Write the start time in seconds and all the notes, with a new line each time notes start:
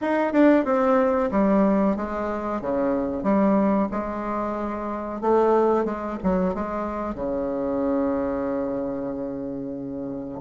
0.01 D#4
0.32 D4
0.64 C4
1.31 G3
1.96 G#3
2.61 C#3
3.23 G3
3.91 G#3
5.21 A3
5.85 G#3
6.23 F#3
6.54 G#3
7.14 C#3